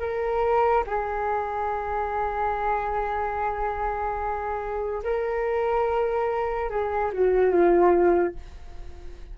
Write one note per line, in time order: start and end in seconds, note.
0.00 0.83 A#4
0.86 5.03 G#4
5.03 6.70 A#4
6.70 7.11 G#4
7.13 7.51 F#4
7.51 8.34 F4